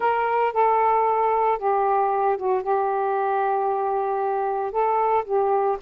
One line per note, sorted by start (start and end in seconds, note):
0.00 0.53 A#4
0.53 1.58 A4
1.58 2.37 G4
2.37 2.62 F#4
2.62 4.71 G4
4.71 5.24 A4
5.24 5.77 G4